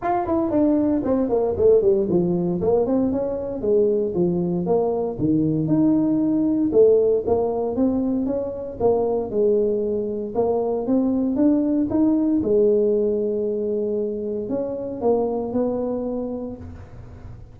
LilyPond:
\new Staff \with { instrumentName = "tuba" } { \time 4/4 \tempo 4 = 116 f'8 e'8 d'4 c'8 ais8 a8 g8 | f4 ais8 c'8 cis'4 gis4 | f4 ais4 dis4 dis'4~ | dis'4 a4 ais4 c'4 |
cis'4 ais4 gis2 | ais4 c'4 d'4 dis'4 | gis1 | cis'4 ais4 b2 | }